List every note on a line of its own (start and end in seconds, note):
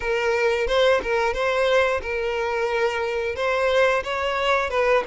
0.00 0.67 A#4
0.67 1.01 C5
1.02 1.33 A#4
1.33 2.00 C5
2.01 3.35 A#4
3.35 4.03 C5
4.03 4.69 C#5
4.69 5.03 B4